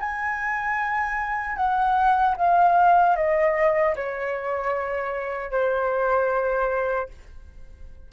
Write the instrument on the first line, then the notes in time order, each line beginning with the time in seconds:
flute
0.00 G#5
1.56 F#5
2.37 F5
3.16 D#5
3.95 C#5
5.51 C5